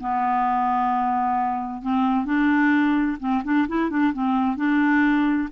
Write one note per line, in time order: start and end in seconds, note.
0.00 1.82 B3
1.82 2.25 C4
2.25 3.17 D4
3.20 3.43 C4
3.44 3.67 D4
3.68 3.90 E4
3.90 4.13 D4
4.13 4.56 C4
4.56 5.48 D4